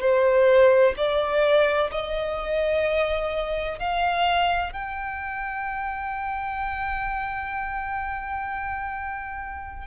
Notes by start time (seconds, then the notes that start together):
0.00 C5
0.97 D5
1.91 D#5
3.78 F5
4.72 G5